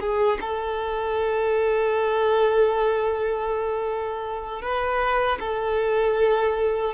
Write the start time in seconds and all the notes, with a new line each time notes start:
0.00 G#4
0.41 A4
4.62 B4
5.40 A4